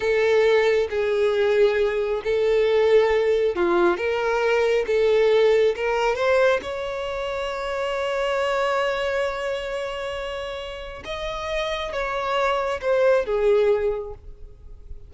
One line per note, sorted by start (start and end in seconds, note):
0.00 0.88 A4
0.89 2.22 G#4
2.24 3.55 A4
3.55 3.97 F4
3.97 4.85 A#4
4.86 5.75 A4
5.76 6.15 A#4
6.15 6.60 C5
6.62 11.03 C#5
11.04 11.92 D#5
11.92 12.80 C#5
12.81 13.25 C5
13.25 14.14 G#4